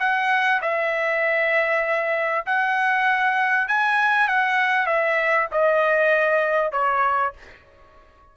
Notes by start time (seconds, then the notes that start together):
0.00 F#5
0.62 E5
2.46 F#5
3.68 G#5
4.28 F#5
4.87 E5
5.52 D#5
6.72 C#5